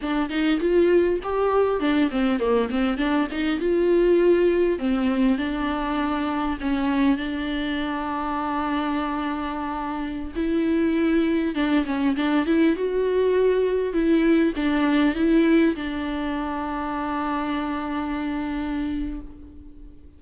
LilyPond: \new Staff \with { instrumentName = "viola" } { \time 4/4 \tempo 4 = 100 d'8 dis'8 f'4 g'4 d'8 c'8 | ais8 c'8 d'8 dis'8 f'2 | c'4 d'2 cis'4 | d'1~ |
d'4~ d'16 e'2 d'8 cis'16~ | cis'16 d'8 e'8 fis'2 e'8.~ | e'16 d'4 e'4 d'4.~ d'16~ | d'1 | }